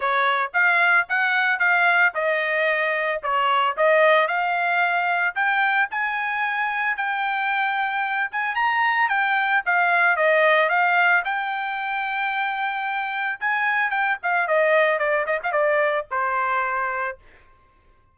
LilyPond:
\new Staff \with { instrumentName = "trumpet" } { \time 4/4 \tempo 4 = 112 cis''4 f''4 fis''4 f''4 | dis''2 cis''4 dis''4 | f''2 g''4 gis''4~ | gis''4 g''2~ g''8 gis''8 |
ais''4 g''4 f''4 dis''4 | f''4 g''2.~ | g''4 gis''4 g''8 f''8 dis''4 | d''8 dis''16 f''16 d''4 c''2 | }